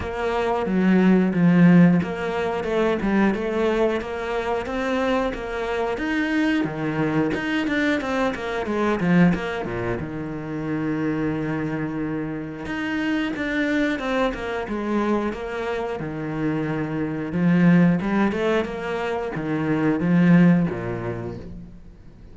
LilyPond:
\new Staff \with { instrumentName = "cello" } { \time 4/4 \tempo 4 = 90 ais4 fis4 f4 ais4 | a8 g8 a4 ais4 c'4 | ais4 dis'4 dis4 dis'8 d'8 | c'8 ais8 gis8 f8 ais8 ais,8 dis4~ |
dis2. dis'4 | d'4 c'8 ais8 gis4 ais4 | dis2 f4 g8 a8 | ais4 dis4 f4 ais,4 | }